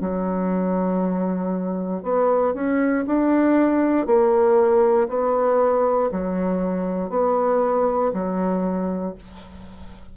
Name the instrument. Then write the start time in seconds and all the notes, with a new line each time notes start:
bassoon
0.00 F#3
2.02 B3
2.54 C#4
3.06 D4
4.06 A#3
5.08 B3
6.12 F#3
7.10 B3
8.13 F#3